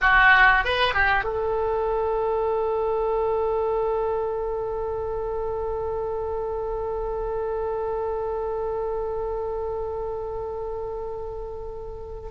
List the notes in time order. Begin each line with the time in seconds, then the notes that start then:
0.01 F#4
0.64 B4
0.93 G4
1.24 A4